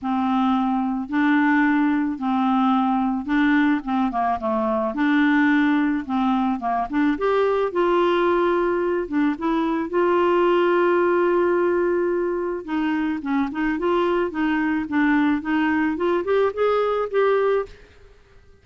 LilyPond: \new Staff \with { instrumentName = "clarinet" } { \time 4/4 \tempo 4 = 109 c'2 d'2 | c'2 d'4 c'8 ais8 | a4 d'2 c'4 | ais8 d'8 g'4 f'2~ |
f'8 d'8 e'4 f'2~ | f'2. dis'4 | cis'8 dis'8 f'4 dis'4 d'4 | dis'4 f'8 g'8 gis'4 g'4 | }